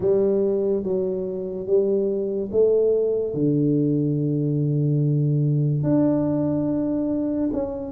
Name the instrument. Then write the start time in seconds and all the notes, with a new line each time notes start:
tuba
0.00 G3
0.83 F#3
1.66 G3
2.52 A3
3.34 D3
5.83 D4
7.52 C#4